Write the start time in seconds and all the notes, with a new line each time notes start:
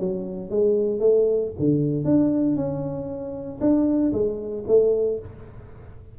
0.00 F#3
0.51 G#3
1.00 A3
1.59 D3
2.05 D4
2.56 C#4
3.61 D4
4.13 G#3
4.68 A3